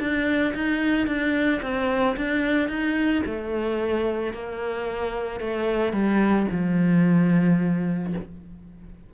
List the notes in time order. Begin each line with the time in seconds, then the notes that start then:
0.00 D4
0.55 D#4
1.07 D4
1.62 C4
2.17 D4
2.69 D#4
3.26 A3
4.33 A#3
5.40 A3
5.93 G3
6.51 F3